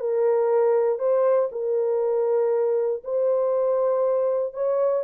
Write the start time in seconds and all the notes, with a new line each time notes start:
0.00 A#4
0.99 C5
1.51 A#4
3.04 C5
4.53 C#5